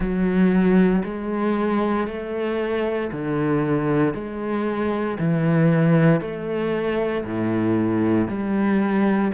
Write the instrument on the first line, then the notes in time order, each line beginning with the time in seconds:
cello
0.00 F#3
1.04 G#3
2.07 A3
3.11 D3
4.14 G#3
5.19 E3
6.20 A3
7.24 A2
8.28 G3